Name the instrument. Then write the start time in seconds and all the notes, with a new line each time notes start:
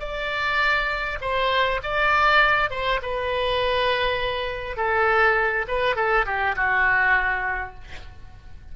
oboe
0.00 D5
1.21 C5
1.83 D5
2.70 C5
3.02 B4
4.77 A4
5.68 B4
5.96 A4
6.26 G4
6.56 F#4